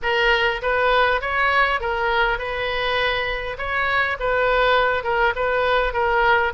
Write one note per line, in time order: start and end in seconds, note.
0.02 0.61 A#4
0.62 1.21 B4
1.21 1.80 C#5
1.80 2.38 A#4
2.38 3.57 B4
3.58 4.17 C#5
4.19 5.03 B4
5.03 5.33 A#4
5.35 5.93 B4
5.93 6.52 A#4